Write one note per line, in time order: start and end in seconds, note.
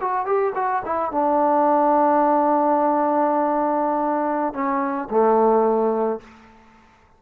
0.00 0.25 F#4
0.25 0.53 G4
0.55 0.82 F#4
0.85 1.11 E4
1.11 4.53 D4
4.53 5.08 C#4
5.10 6.20 A3